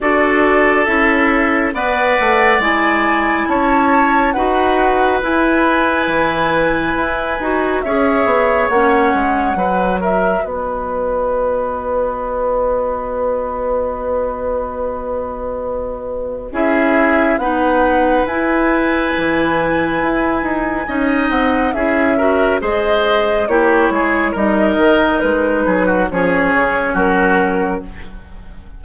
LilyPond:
<<
  \new Staff \with { instrumentName = "flute" } { \time 4/4 \tempo 4 = 69 d''4 e''4 fis''4 gis''4 | a''4 fis''4 gis''2~ | gis''4 e''4 fis''4. e''8 | dis''1~ |
dis''2. e''4 | fis''4 gis''2.~ | gis''8 fis''8 e''4 dis''4 cis''4 | dis''4 b'4 cis''4 ais'4 | }
  \new Staff \with { instrumentName = "oboe" } { \time 4/4 a'2 d''2 | cis''4 b'2.~ | b'4 cis''2 b'8 ais'8 | b'1~ |
b'2. gis'4 | b'1 | dis''4 gis'8 ais'8 c''4 g'8 gis'8 | ais'4. gis'16 fis'16 gis'4 fis'4 | }
  \new Staff \with { instrumentName = "clarinet" } { \time 4/4 fis'4 e'4 b'4 e'4~ | e'4 fis'4 e'2~ | e'8 fis'8 gis'4 cis'4 fis'4~ | fis'1~ |
fis'2. e'4 | dis'4 e'2. | dis'4 e'8 fis'8 gis'4 e'4 | dis'2 cis'2 | }
  \new Staff \with { instrumentName = "bassoon" } { \time 4/4 d'4 cis'4 b8 a8 gis4 | cis'4 dis'4 e'4 e4 | e'8 dis'8 cis'8 b8 ais8 gis8 fis4 | b1~ |
b2. cis'4 | b4 e'4 e4 e'8 dis'8 | cis'8 c'8 cis'4 gis4 ais8 gis8 | g8 dis8 gis8 fis8 f8 cis8 fis4 | }
>>